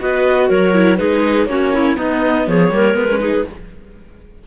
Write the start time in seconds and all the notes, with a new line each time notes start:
0.00 B3 F#4 B4 D#5
0.49 F#3 A#4 C#5
0.74 E4
0.97 G#3 D#4 G#4 B4
1.47 A#3 C#4 F#4 C#5
1.73 E4
1.96 B3 D#4 D#5
2.47 F3 G#4 C#5
2.71 G3 A#3 A#4
2.95 G#3 B3 B4
3.11 C#4
3.20 D#4 G#4